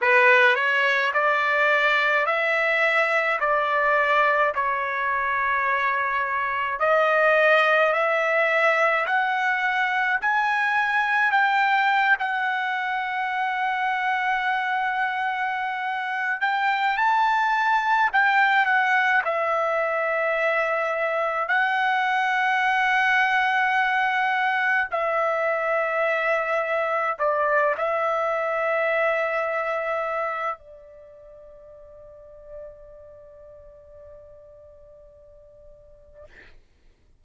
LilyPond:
\new Staff \with { instrumentName = "trumpet" } { \time 4/4 \tempo 4 = 53 b'8 cis''8 d''4 e''4 d''4 | cis''2 dis''4 e''4 | fis''4 gis''4 g''8. fis''4~ fis''16~ | fis''2~ fis''8 g''8 a''4 |
g''8 fis''8 e''2 fis''4~ | fis''2 e''2 | d''8 e''2~ e''8 d''4~ | d''1 | }